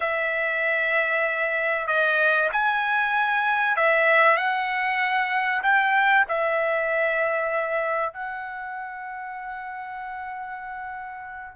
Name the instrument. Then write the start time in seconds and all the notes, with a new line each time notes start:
trumpet
0.00 E5
1.87 D#5
2.52 G#5
3.76 E5
4.36 F#5
5.62 G5
6.28 E5
8.13 F#5